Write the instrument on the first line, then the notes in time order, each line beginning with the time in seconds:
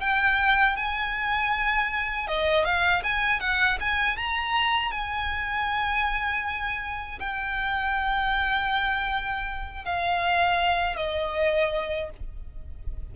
violin
0.00 G5
0.76 G#5
2.27 D#5
2.64 F5
3.03 G#5
3.40 F#5
3.80 G#5
4.17 A#5
4.91 G#5
7.19 G5
9.85 F5
10.96 D#5